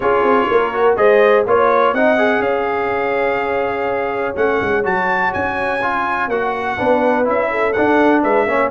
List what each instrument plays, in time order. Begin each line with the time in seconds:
0.00 tuba C#4, trombone F4, horn G#4, trumpet C#5
0.22 tuba C4
0.50 tuba A#3, horn A#4
0.73 trombone F#4
0.96 tuba G#3, trombone G#4, horn C5, trumpet D#5
1.46 tuba A#3, trombone F4, horn C#5, trumpet C#5
1.93 tuba C4, trombone D#4, horn D#5, trumpet F#5
2.17 trombone G#4
2.39 tuba C#4, horn C#5, trumpet F5
4.35 tuba A3, trombone C#4, trumpet F#5
4.61 tuba G#3
4.83 tuba F#3, trombone F#4, trumpet A5
5.33 tuba C#4, trumpet G#5
5.82 trombone F4
6.28 tuba A#3, trombone F#4, trumpet F#5
6.77 tuba B3, trombone D4, horn B4
7.24 tuba C#4, trombone E4, trumpet E5
7.51 horn A4
7.72 trombone D4, tuba D4, trumpet F#5
8.23 tuba G#3, horn B4, trumpet E5
8.45 tuba A#3, trombone C#4, horn C#5